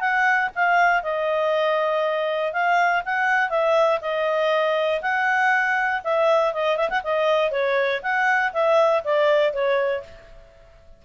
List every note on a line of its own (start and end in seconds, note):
0.00 0.50 F#5
0.55 1.03 F5
1.03 2.53 D#5
2.53 3.03 F5
3.05 3.50 F#5
3.50 4.00 E5
4.01 5.01 D#5
5.02 6.02 F#5
6.04 6.54 E5
6.54 6.77 D#5
6.77 6.90 E5
6.90 7.02 F#5
7.04 7.51 D#5
7.51 8.01 C#5
8.03 8.53 F#5
8.53 9.03 E5
9.04 9.53 D5
9.53 10.03 C#5